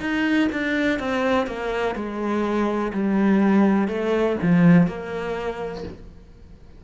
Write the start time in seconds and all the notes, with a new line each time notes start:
0.00 D#4
0.52 D4
0.99 C4
1.47 A#3
1.95 G#3
2.93 G3
3.88 A3
4.42 F3
4.87 A#3